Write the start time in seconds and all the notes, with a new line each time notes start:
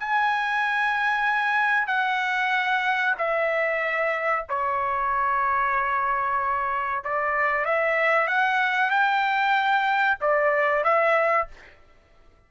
0.00 G#5
1.88 F#5
3.18 E5
4.50 C#5
7.04 D5
7.65 E5
8.28 F#5
8.90 G5
10.21 D5
10.84 E5